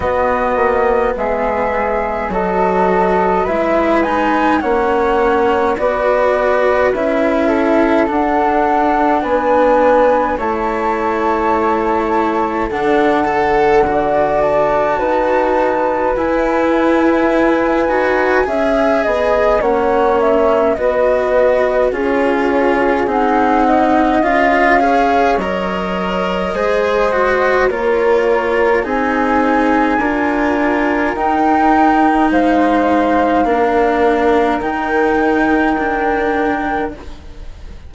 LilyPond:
<<
  \new Staff \with { instrumentName = "flute" } { \time 4/4 \tempo 4 = 52 dis''4 e''4 dis''4 e''8 gis''8 | fis''4 d''4 e''4 fis''4 | gis''4 a''2 fis''4~ | fis''8 a''4. gis''2~ |
gis''4 fis''8 e''8 dis''4 cis''4 | fis''4 f''4 dis''2 | cis''4 gis''2 g''4 | f''2 g''2 | }
  \new Staff \with { instrumentName = "flute" } { \time 4/4 fis'4 gis'4 a'4 b'4 | cis''4 b'4. a'4. | b'4 cis''2 a'4 | d''4 b'2. |
e''8 dis''8 cis''4 b'4 gis'4~ | gis'8 dis''4 cis''4. c''4 | ais'4 gis'4 ais'2 | c''4 ais'2. | }
  \new Staff \with { instrumentName = "cello" } { \time 4/4 b2 fis'4 e'8 dis'8 | cis'4 fis'4 e'4 d'4~ | d'4 e'2 d'8 a'8 | fis'2 e'4. fis'8 |
gis'4 cis'4 fis'4 f'4 | dis'4 f'8 gis'8 ais'4 gis'8 fis'8 | f'4 dis'4 f'4 dis'4~ | dis'4 d'4 dis'4 d'4 | }
  \new Staff \with { instrumentName = "bassoon" } { \time 4/4 b8 ais8 gis4 fis4 gis4 | ais4 b4 cis'4 d'4 | b4 a2 d4~ | d4 dis'4 e'4. dis'8 |
cis'8 b8 ais4 b4 cis'4 | c'4 cis'4 fis4 gis4 | ais4 c'4 d'4 dis'4 | gis4 ais4 dis2 | }
>>